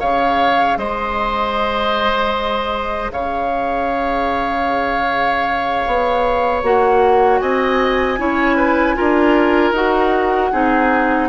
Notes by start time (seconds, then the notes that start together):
0.00 C#3 G#4 C#5 F5
0.77 G#3 C5 D#5
3.12 C#3 C#5 F5
5.87 B3
6.63 A#3 F#4 F#5
7.40 C4 D#5 G#5
8.19 C#4 E4 C#5
8.57 B4
8.96 D4 F4 A#4
9.72 D#4 F#4 F#5
10.52 C4 D#4 G#4